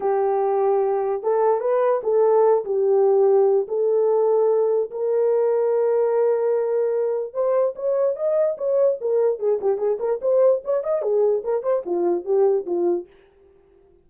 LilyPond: \new Staff \with { instrumentName = "horn" } { \time 4/4 \tempo 4 = 147 g'2. a'4 | b'4 a'4. g'4.~ | g'4 a'2. | ais'1~ |
ais'2 c''4 cis''4 | dis''4 cis''4 ais'4 gis'8 g'8 | gis'8 ais'8 c''4 cis''8 dis''8 gis'4 | ais'8 c''8 f'4 g'4 f'4 | }